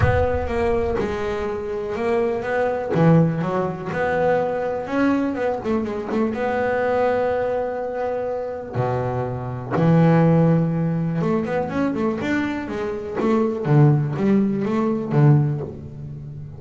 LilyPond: \new Staff \with { instrumentName = "double bass" } { \time 4/4 \tempo 4 = 123 b4 ais4 gis2 | ais4 b4 e4 fis4 | b2 cis'4 b8 a8 | gis8 a8 b2.~ |
b2 b,2 | e2. a8 b8 | cis'8 a8 d'4 gis4 a4 | d4 g4 a4 d4 | }